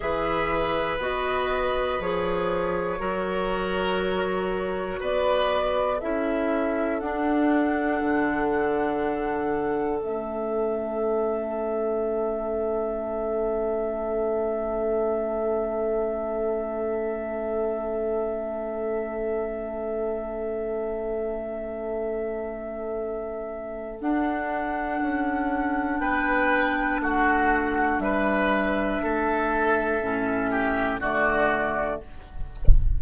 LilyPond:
<<
  \new Staff \with { instrumentName = "flute" } { \time 4/4 \tempo 4 = 60 e''4 dis''4 cis''2~ | cis''4 d''4 e''4 fis''4~ | fis''2 e''2~ | e''1~ |
e''1~ | e''1 | fis''2 g''4 fis''4 | e''2. d''4 | }
  \new Staff \with { instrumentName = "oboe" } { \time 4/4 b'2. ais'4~ | ais'4 b'4 a'2~ | a'1~ | a'1~ |
a'1~ | a'1~ | a'2 b'4 fis'4 | b'4 a'4. g'8 fis'4 | }
  \new Staff \with { instrumentName = "clarinet" } { \time 4/4 gis'4 fis'4 gis'4 fis'4~ | fis'2 e'4 d'4~ | d'2 cis'2~ | cis'1~ |
cis'1~ | cis'1 | d'1~ | d'2 cis'4 a4 | }
  \new Staff \with { instrumentName = "bassoon" } { \time 4/4 e4 b4 f4 fis4~ | fis4 b4 cis'4 d'4 | d2 a2~ | a1~ |
a1~ | a1 | d'4 cis'4 b4 a4 | g4 a4 a,4 d4 | }
>>